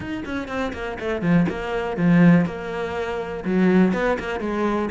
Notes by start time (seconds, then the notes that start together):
0.00 D#4
0.25 C#4
0.47 C4
0.73 A#3
0.99 A3
1.21 F3
1.48 A#3
1.96 F3
2.45 A#3
3.44 F#3
3.93 B3
4.19 A#3
4.39 G#3